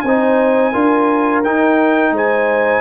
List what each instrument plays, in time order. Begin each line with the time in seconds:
0.00 tuba C4, horn C5, trumpet G#5
0.07 trombone D#4
0.72 tuba D4, trombone F4, horn A#4
1.44 trombone D#4, tuba D#4, trumpet G5
2.11 tuba G#3, horn C5, trumpet G#5